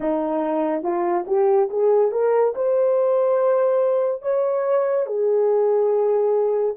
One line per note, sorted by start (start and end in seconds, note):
0.00 0.82 D#4
0.82 1.24 F4
1.26 1.69 G4
1.69 2.11 G#4
2.11 2.54 A#4
2.55 4.21 C5
4.21 5.06 C#5
5.06 6.75 G#4